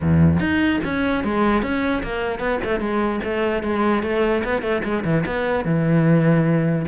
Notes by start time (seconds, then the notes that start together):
0.00 E2
0.39 D#4
0.84 C#4
1.23 G#3
1.62 C#4
2.03 A#3
2.39 B3
2.63 A3
2.79 G#3
3.24 A3
3.62 G#3
4.02 A3
4.44 B3
4.62 A3
4.84 G#3
5.04 E3
5.26 B3
5.64 E3